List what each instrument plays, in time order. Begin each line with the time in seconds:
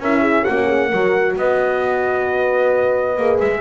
0.00 double bass C#4, horn E4 A#4, trumpet E5
0.22 horn G#4
0.45 double bass A#3, horn C#4 F#4, trumpet F#5
0.67 horn G#4
0.91 double bass F#3, horn F#4 A#4
1.37 double bass B3, horn B4, trumpet D#5
3.17 double bass A#3, horn G#4
3.40 double bass G#3, trumpet E5